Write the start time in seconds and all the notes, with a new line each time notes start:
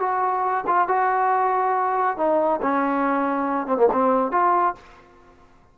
0.00 F#4
0.67 F4
0.88 F#4
2.18 D#4
2.62 C#4
3.67 C4
3.77 A#3
3.93 C4
4.32 F4